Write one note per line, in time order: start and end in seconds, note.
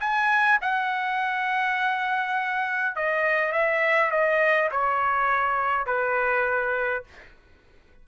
0.00 0.59 G#5
0.61 2.95 F#5
2.95 3.52 D#5
3.52 4.11 E5
4.11 4.70 D#5
4.71 5.86 C#5
5.86 7.04 B4